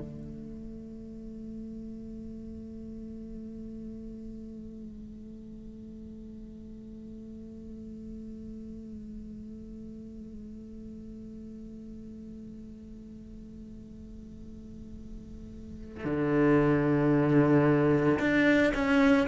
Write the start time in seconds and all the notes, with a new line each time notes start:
0.00 A3
16.05 D3
18.19 D4
18.75 C#4